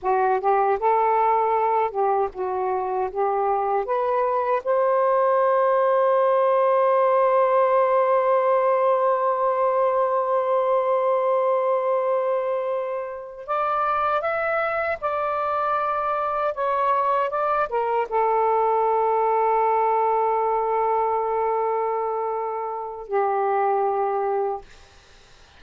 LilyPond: \new Staff \with { instrumentName = "saxophone" } { \time 4/4 \tempo 4 = 78 fis'8 g'8 a'4. g'8 fis'4 | g'4 b'4 c''2~ | c''1~ | c''1~ |
c''4. d''4 e''4 d''8~ | d''4. cis''4 d''8 ais'8 a'8~ | a'1~ | a'2 g'2 | }